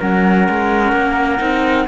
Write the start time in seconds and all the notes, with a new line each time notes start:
0.00 F#3 C#4 A#4 F#5
0.49 G#3
0.93 A#3
1.39 C4 D#4